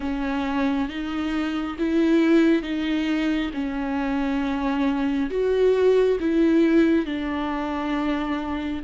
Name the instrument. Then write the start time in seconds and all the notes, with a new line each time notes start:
viola
0.00 C#4
0.88 D#4
1.78 E4
2.62 D#4
3.53 C#4
5.30 F#4
6.20 E4
7.05 D4